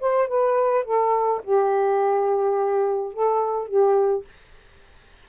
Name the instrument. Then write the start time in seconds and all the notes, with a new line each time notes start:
saxophone
0.00 C5
0.28 B4
0.84 A4
1.43 G4
3.13 A4
3.68 G4